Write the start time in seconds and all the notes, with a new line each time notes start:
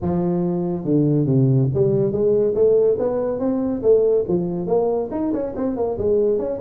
0.01 F3
0.84 D3
1.26 C3
1.74 G3
2.12 G#3
2.54 A3
2.98 B3
3.39 C4
3.82 A3
4.27 F3
4.66 A#3
5.11 D#4
5.33 C#4
5.56 C4
5.76 A#3
5.98 G#3
6.38 C#4